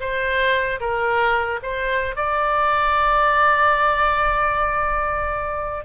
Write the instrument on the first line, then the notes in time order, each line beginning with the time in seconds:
oboe
0.00 C5
0.80 A#4
1.63 C5
2.16 D5